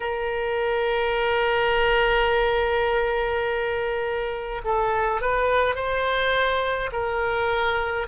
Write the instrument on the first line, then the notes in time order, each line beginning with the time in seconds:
oboe
0.00 A#4
4.64 A4
5.21 B4
5.75 C5
6.92 A#4